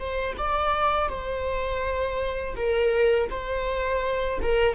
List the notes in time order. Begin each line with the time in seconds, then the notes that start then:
0.00 C5
0.38 D5
1.09 C5
2.56 A#4
3.31 C5
4.43 A#4